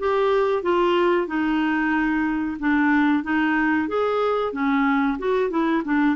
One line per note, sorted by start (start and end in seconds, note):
0.00 0.63 G4
0.63 1.27 F4
1.27 2.58 D#4
2.60 3.24 D4
3.24 3.89 D#4
3.89 4.53 G#4
4.53 5.18 C#4
5.19 5.50 F#4
5.50 5.83 E4
5.85 6.16 D4